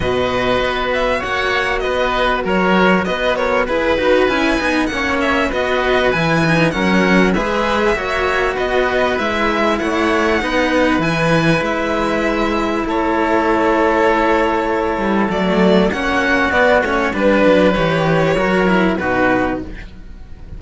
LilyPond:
<<
  \new Staff \with { instrumentName = "violin" } { \time 4/4 \tempo 4 = 98 dis''4. e''8 fis''4 dis''4 | cis''4 dis''8 cis''8 b'4 gis''4 | fis''8 e''8 dis''4 gis''4 fis''4 | e''2 dis''4 e''4 |
fis''2 gis''4 e''4~ | e''4 cis''2.~ | cis''4 d''4 fis''4 d''8 cis''8 | b'4 cis''2 b'4 | }
  \new Staff \with { instrumentName = "oboe" } { \time 4/4 b'2 cis''4 b'4 | ais'4 b'8 ais'8 b'2 | cis''4 b'2 ais'4 | b'4 cis''4 b'2 |
cis''4 b'2.~ | b'4 a'2.~ | a'2 fis'2 | b'2 ais'4 fis'4 | }
  \new Staff \with { instrumentName = "cello" } { \time 4/4 fis'1~ | fis'2 gis'8 fis'8 e'8 dis'8 | cis'4 fis'4 e'8 dis'8 cis'4 | gis'4 fis'2 e'4~ |
e'4 dis'4 e'2~ | e'1~ | e'4 a4 cis'4 b8 cis'8 | d'4 g'4 fis'8 e'8 dis'4 | }
  \new Staff \with { instrumentName = "cello" } { \time 4/4 b,4 b4 ais4 b4 | fis4 b4 e'8 dis'8 cis'8 b8 | ais4 b4 e4 fis4 | gis4 ais4 b4 gis4 |
a4 b4 e4 gis4~ | gis4 a2.~ | a8 g8 fis4 ais4 b8 a8 | g8 fis8 e4 fis4 b,4 | }
>>